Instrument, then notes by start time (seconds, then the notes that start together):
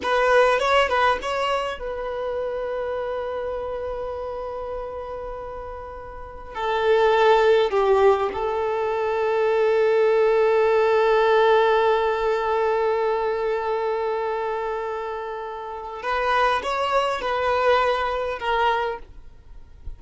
violin
0.02 B4
0.59 C#5
0.88 B4
1.22 C#5
1.79 B4
6.54 A4
7.70 G4
8.33 A4
16.02 B4
16.63 C#5
17.21 B4
18.39 A#4